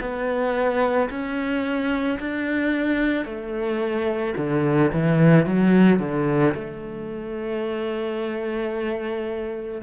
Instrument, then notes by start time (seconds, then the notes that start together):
cello
0.00 B3
1.10 C#4
2.19 D4
3.25 A3
4.37 D3
4.92 E3
5.45 F#3
5.99 D3
6.54 A3